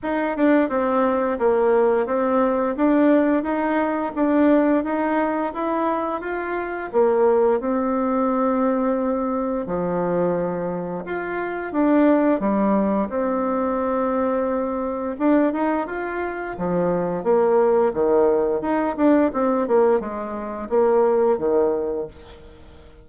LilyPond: \new Staff \with { instrumentName = "bassoon" } { \time 4/4 \tempo 4 = 87 dis'8 d'8 c'4 ais4 c'4 | d'4 dis'4 d'4 dis'4 | e'4 f'4 ais4 c'4~ | c'2 f2 |
f'4 d'4 g4 c'4~ | c'2 d'8 dis'8 f'4 | f4 ais4 dis4 dis'8 d'8 | c'8 ais8 gis4 ais4 dis4 | }